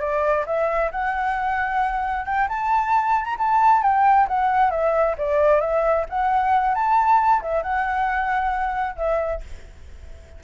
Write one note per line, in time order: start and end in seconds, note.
0.00 0.45 D5
0.46 0.91 E5
0.91 2.25 F#5
2.25 2.47 G5
2.48 3.24 A5
3.24 3.35 A#5
3.38 3.82 A5
3.82 4.27 G5
4.28 4.70 F#5
4.70 5.15 E5
5.18 5.60 D5
5.60 6.05 E5
6.09 6.74 F#5
6.74 7.41 A5
7.42 7.62 E5
7.62 8.96 F#5
8.96 9.41 E5